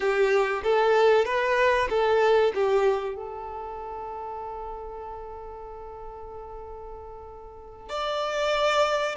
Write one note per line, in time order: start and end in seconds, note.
0.00 0.62 G4
0.63 1.25 A4
1.25 1.88 B4
1.89 2.52 A4
2.54 3.16 G4
3.16 7.89 A4
7.89 9.15 D5